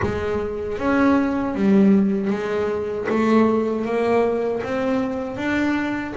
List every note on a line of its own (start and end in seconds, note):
0.02 0.77 G#3
0.77 1.54 C#4
1.54 2.30 G3
2.30 3.07 G#3
3.09 3.85 A3
3.85 4.62 A#3
4.63 5.36 C4
5.36 6.13 D4